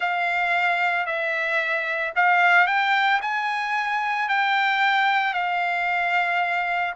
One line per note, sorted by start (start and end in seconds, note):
0.00 1.06 F5
1.06 2.13 E5
2.15 2.66 F5
2.66 3.20 G5
3.21 4.29 G#5
4.29 5.33 G5
5.33 6.94 F5